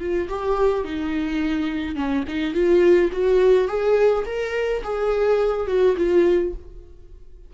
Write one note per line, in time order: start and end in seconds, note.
0.00 0.28 F4
0.29 0.84 G4
0.84 1.96 D#4
1.96 2.24 C#4
2.28 2.54 D#4
2.54 3.11 F4
3.12 3.68 F#4
3.68 4.25 G#4
4.26 4.82 A#4
4.83 5.67 G#4
5.67 5.95 F#4
5.97 6.54 F4